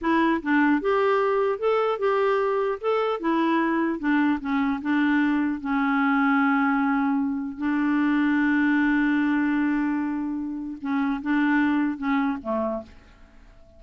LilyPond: \new Staff \with { instrumentName = "clarinet" } { \time 4/4 \tempo 4 = 150 e'4 d'4 g'2 | a'4 g'2 a'4 | e'2 d'4 cis'4 | d'2 cis'2~ |
cis'2. d'4~ | d'1~ | d'2. cis'4 | d'2 cis'4 a4 | }